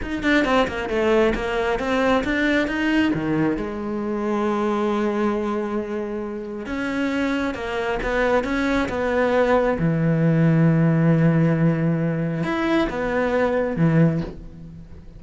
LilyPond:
\new Staff \with { instrumentName = "cello" } { \time 4/4 \tempo 4 = 135 dis'8 d'8 c'8 ais8 a4 ais4 | c'4 d'4 dis'4 dis4 | gis1~ | gis2. cis'4~ |
cis'4 ais4 b4 cis'4 | b2 e2~ | e1 | e'4 b2 e4 | }